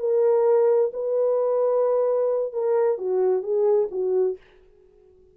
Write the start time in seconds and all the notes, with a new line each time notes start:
0.00 A#4
0.93 B4
2.53 A#4
2.98 F#4
3.43 G#4
3.92 F#4